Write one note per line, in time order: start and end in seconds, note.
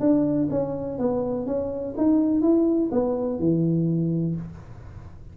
0.00 0.48 D4
0.50 0.98 C#4
0.98 1.46 B3
1.46 1.95 C#4
1.97 2.41 D#4
2.41 2.90 E4
2.91 3.39 B3
3.39 4.35 E3